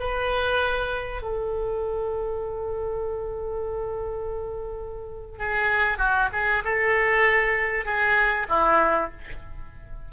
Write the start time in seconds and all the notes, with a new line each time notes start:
0.00 B4
1.22 A4
5.39 G#4
5.98 F#4
6.33 G#4
6.65 A4
7.85 G#4
8.49 E4